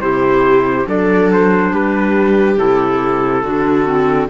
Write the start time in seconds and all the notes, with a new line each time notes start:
0.00 C3 E4 G4 C5
0.86 F#3 D4 A4 D5
1.33 C5
1.71 G3 G4 B4
2.57 C3 E4 A4
3.43 D3 D4 F#4
3.86 C4